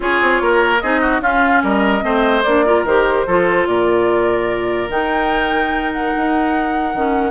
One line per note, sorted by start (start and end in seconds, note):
0.00 0.20 C#4
0.00 0.78 F4
0.00 0.42 G#4
0.00 0.80 C#5
0.21 0.40 C4
0.40 0.81 A#3
0.40 0.82 A#4
0.80 1.20 C4
0.80 1.21 D#4
0.80 1.01 G#4
0.80 1.21 D#5
1.01 1.21 F#4
1.20 1.61 C#4
1.20 2.01 C#4
1.20 1.63 F4
1.20 1.62 F5
1.63 2.03 G3
1.63 2.03 A#4
1.63 2.43 D#5
2.01 2.44 A3
2.01 2.42 C4
2.01 2.65 C5
2.43 2.83 A#3
2.43 2.66 D4
2.43 2.84 D5
2.65 2.86 F4
2.65 3.26 A#4
2.83 3.24 D#3
2.83 3.27 G4
2.83 3.66 C5
3.26 3.66 F3
3.26 4.89 F4
3.26 3.67 A4
3.66 4.89 A#2
3.66 7.31 A#4
3.66 4.89 D5
4.89 6.12 D#3
4.89 6.93 D#4
4.89 5.92 G5
5.92 7.31 F#5
6.16 6.94 D#4
6.94 7.31 D#3
6.94 7.31 C#4